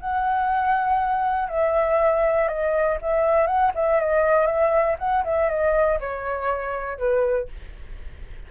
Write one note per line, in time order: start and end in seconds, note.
0.00 1.49 F#5
1.49 2.48 E5
2.48 2.98 D#5
3.02 3.47 E5
3.47 3.72 F#5
3.75 4.00 E5
4.00 4.46 D#5
4.46 4.96 E5
4.99 5.24 F#5
5.24 5.49 E5
5.49 5.99 D#5
6.00 6.98 C#5
6.98 7.48 B4